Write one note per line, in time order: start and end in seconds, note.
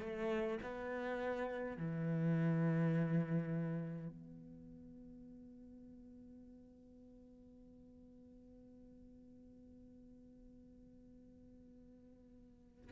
0.00 0.59 A3
0.63 1.78 B3
1.78 4.09 E3
4.09 12.91 B3